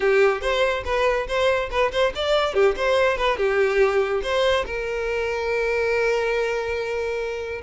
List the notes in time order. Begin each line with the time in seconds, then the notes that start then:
0.00 G4
0.41 C5
0.85 B4
1.27 C5
1.70 B4
1.91 C5
2.15 D5
2.54 G4
2.76 C5
3.17 B4
3.37 G4
4.22 C5
4.66 A#4